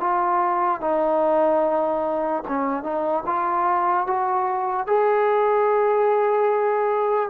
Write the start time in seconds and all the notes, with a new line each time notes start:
0.00 F4
0.81 D#4
2.48 C#4
2.83 D#4
3.26 F4
4.07 F#4
4.86 G#4